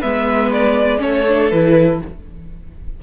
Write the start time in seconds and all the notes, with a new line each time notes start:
0.00 G#3 B3 B4 E5
0.52 D5
0.98 A3 C#4 A4 C#5
1.27 D4
1.50 E3 E4 B4